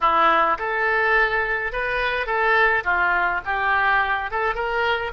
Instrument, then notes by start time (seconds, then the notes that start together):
oboe
0.01 E4
0.58 A4
1.72 B4
2.26 A4
2.83 F4
3.45 G4
4.30 A4
4.54 A#4